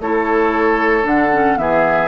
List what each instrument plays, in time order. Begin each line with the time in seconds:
0.00 bassoon A3, clarinet E4, oboe A4, flute C#5
1.03 bassoon D3, clarinet D4, flute F#5
1.33 clarinet C#4
1.57 bassoon E3, clarinet B3, oboe G#4, flute E5